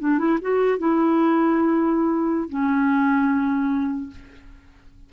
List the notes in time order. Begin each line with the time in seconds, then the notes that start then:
0.00 D4
0.19 E4
0.42 F#4
0.79 E4
2.49 C#4